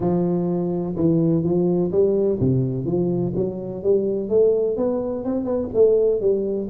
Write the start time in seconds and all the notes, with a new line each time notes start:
0.00 F3
0.95 E3
1.43 F3
1.91 G3
2.39 C3
2.85 F3
3.35 F#3
3.83 G3
4.29 A3
4.76 B3
5.24 C4
5.44 B3
5.73 A3
6.20 G3